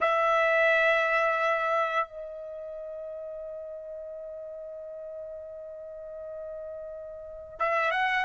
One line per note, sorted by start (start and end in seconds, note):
0.00 2.07 E5
2.07 7.59 D#5
7.59 7.91 E5
7.91 8.24 F#5